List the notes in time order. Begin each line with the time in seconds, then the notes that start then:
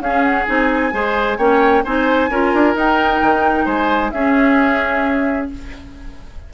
0.00 C#4 G#4 F5
0.24 F#5
0.46 C4 D#4 G#5
0.93 G#3 G#4 C5
1.38 A#3 C#4 C#5 G5
1.85 C4 D#4 C5 G#5
2.30 C#4 F4 A#4
2.54 D4
2.75 D#4 G5
3.22 D#3
3.65 G#3 C5 G#5
4.11 C#4 G#4 E5